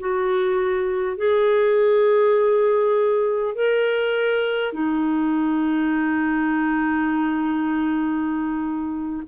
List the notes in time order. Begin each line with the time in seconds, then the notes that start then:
0.00 F#4
1.17 G#4
3.55 A#4
4.73 D#4